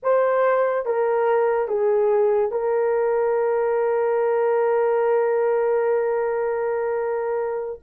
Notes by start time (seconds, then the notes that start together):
0.02 C5
0.85 A#4
1.68 G#4
2.51 A#4